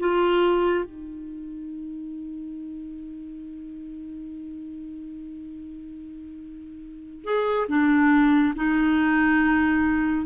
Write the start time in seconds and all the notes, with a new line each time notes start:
0.00 F4
0.85 D#4
7.25 G#4
7.69 D4
8.56 D#4